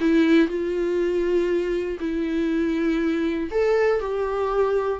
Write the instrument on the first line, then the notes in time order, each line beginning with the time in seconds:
viola
0.00 E4
0.48 F4
1.99 E4
3.51 A4
4.00 G4